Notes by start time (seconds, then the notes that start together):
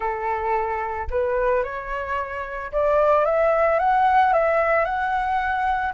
0.00 A4
1.10 B4
1.63 C#5
2.71 D5
3.25 E5
3.79 F#5
4.33 E5
4.84 F#5